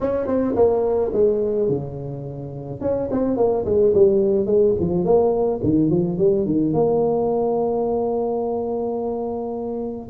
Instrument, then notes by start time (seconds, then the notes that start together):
tuba
0.01 C#4
0.27 C4
0.55 A#3
1.13 G#3
1.68 C#3
2.80 C#4
3.11 C4
3.36 A#3
3.64 G#3
3.94 G3
4.46 G#3
4.79 F3
5.04 A#3
5.63 D#3
5.90 F3
6.18 G3
6.45 D#3
6.73 A#3